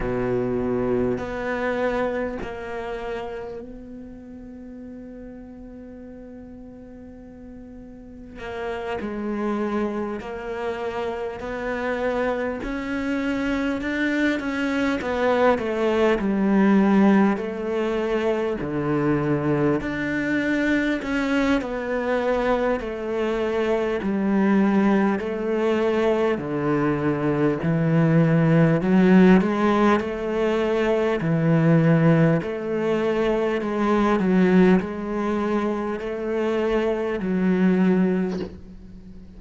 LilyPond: \new Staff \with { instrumentName = "cello" } { \time 4/4 \tempo 4 = 50 b,4 b4 ais4 b4~ | b2. ais8 gis8~ | gis8 ais4 b4 cis'4 d'8 | cis'8 b8 a8 g4 a4 d8~ |
d8 d'4 cis'8 b4 a4 | g4 a4 d4 e4 | fis8 gis8 a4 e4 a4 | gis8 fis8 gis4 a4 fis4 | }